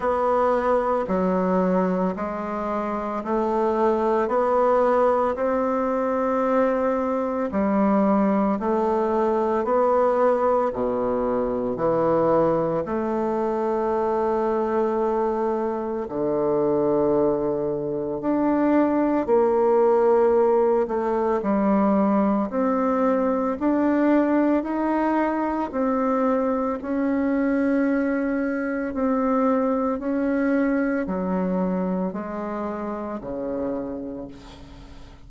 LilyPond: \new Staff \with { instrumentName = "bassoon" } { \time 4/4 \tempo 4 = 56 b4 fis4 gis4 a4 | b4 c'2 g4 | a4 b4 b,4 e4 | a2. d4~ |
d4 d'4 ais4. a8 | g4 c'4 d'4 dis'4 | c'4 cis'2 c'4 | cis'4 fis4 gis4 cis4 | }